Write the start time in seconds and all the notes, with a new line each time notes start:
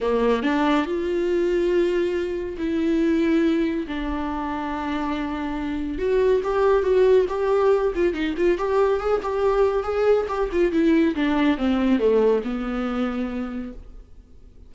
0.00 A#3
0.42 D4
0.85 F4
2.57 E4
3.87 D4
5.98 F#4
6.43 G4
6.83 F#4
7.28 G4
7.95 F4
8.13 D#4
8.37 F4
8.58 G4
8.99 G#4
9.23 G4
9.83 G#4
10.28 G4
10.52 F4
10.71 E4
11.15 D4
11.57 C4
11.99 A3
12.44 B3